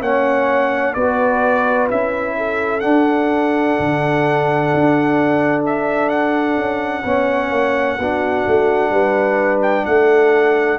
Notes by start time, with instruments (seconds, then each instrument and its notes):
0.00 tuba A#3, trombone C#4, horn C#5, trumpet F#5
0.93 tuba B3, trombone F#4, horn B4, trumpet D5
1.89 tuba C#4, trombone E4, trumpet E5
2.37 horn A4
2.80 trombone D4, tuba D4, trumpet F#5
3.79 tuba D3
4.73 tuba D4
5.65 trumpet E5
6.09 trumpet F#5
6.56 tuba C#4
7.03 tuba B3, trombone C#4, horn C#5
7.50 tuba A#3
7.98 tuba B3, trombone D4, horn F#4
8.46 tuba A3
8.90 tuba G3, horn B4
9.62 trumpet G5
9.85 tuba A3, horn A4, trumpet F#5